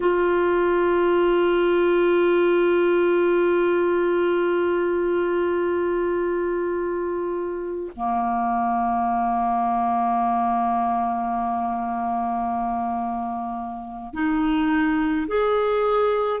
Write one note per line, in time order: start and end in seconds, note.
0.00 7.91 F4
7.96 14.13 A#3
14.13 15.26 D#4
15.27 16.40 G#4